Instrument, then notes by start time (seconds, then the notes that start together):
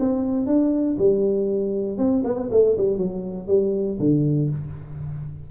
tuba
0.00 C4
0.47 D4
0.99 G3
1.98 C4
2.24 B3
2.52 A3
2.78 G3
2.98 F#3
3.48 G3
4.00 D3